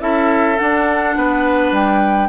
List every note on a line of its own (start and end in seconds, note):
0.00 0.57 C#4
0.00 0.57 E4
0.00 1.16 A4
0.00 0.58 E5
0.58 2.28 D4
0.58 1.16 D4
0.58 1.72 F#5
1.16 1.71 B3
1.16 2.28 B4
1.71 2.28 G3
1.71 2.28 G5